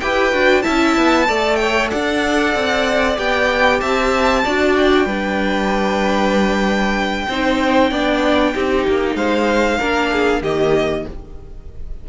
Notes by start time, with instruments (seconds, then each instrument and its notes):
0.00 cello E4, viola G4, violin B4 G5
0.33 cello D4, viola F#4
0.62 cello C#4, viola E4, violin E5 A5
0.98 cello B3
1.28 cello A3, viola A4, violin D5
1.56 violin C#5 G5
1.91 cello D4, violin D5 F#5
2.55 cello C4
3.17 cello B3, viola G4, violin G5
3.81 cello C4, violin E5 A5
4.44 cello D4, viola F#4, violin D5
4.76 violin G5
5.06 cello G3, viola D4, violin B4
7.29 cello C4, viola D#4, violin C5
7.90 cello B3, viola D4, violin D5
8.54 cello C4, viola D#4, violin G4
8.88 cello A#3
9.15 cello G#3, violin C5 F5
9.78 cello A#3, viola D4, violin A#4
10.12 violin G#4
10.42 cello D#3, viola A#3, violin G4 D#5